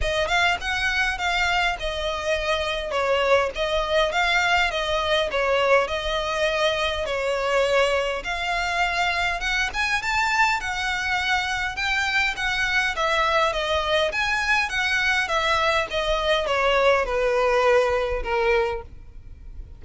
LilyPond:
\new Staff \with { instrumentName = "violin" } { \time 4/4 \tempo 4 = 102 dis''8 f''8 fis''4 f''4 dis''4~ | dis''4 cis''4 dis''4 f''4 | dis''4 cis''4 dis''2 | cis''2 f''2 |
fis''8 gis''8 a''4 fis''2 | g''4 fis''4 e''4 dis''4 | gis''4 fis''4 e''4 dis''4 | cis''4 b'2 ais'4 | }